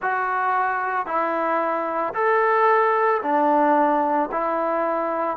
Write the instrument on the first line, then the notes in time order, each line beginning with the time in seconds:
trombone
0.02 F#4
1.06 E4
2.14 A4
3.22 D4
4.31 E4